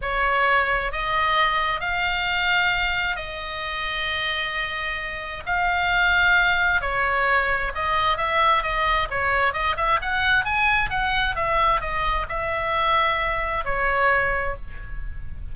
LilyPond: \new Staff \with { instrumentName = "oboe" } { \time 4/4 \tempo 4 = 132 cis''2 dis''2 | f''2. dis''4~ | dis''1 | f''2. cis''4~ |
cis''4 dis''4 e''4 dis''4 | cis''4 dis''8 e''8 fis''4 gis''4 | fis''4 e''4 dis''4 e''4~ | e''2 cis''2 | }